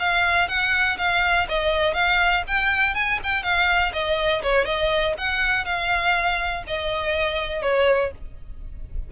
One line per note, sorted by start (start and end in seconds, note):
0.00 0.49 F5
0.49 0.98 F#5
0.99 1.48 F5
1.49 1.94 D#5
1.94 2.44 F5
2.48 2.95 G5
2.95 3.20 G#5
3.24 3.44 G5
3.44 3.93 F5
3.94 4.43 D#5
4.43 4.65 C#5
4.65 5.15 D#5
5.18 5.66 F#5
5.66 6.64 F5
6.68 7.63 D#5
7.63 8.12 C#5